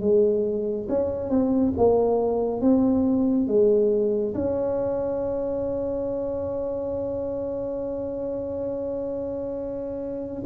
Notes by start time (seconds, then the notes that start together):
0.00 G#3
0.89 C#4
1.29 C4
1.77 A#3
2.61 C4
3.47 G#3
4.34 C#4